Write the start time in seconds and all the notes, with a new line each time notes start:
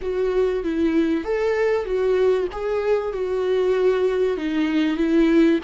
0.01 F#4
0.63 E4
1.24 A4
1.85 F#4
2.52 G#4
3.12 F#4
4.37 D#4
4.96 E4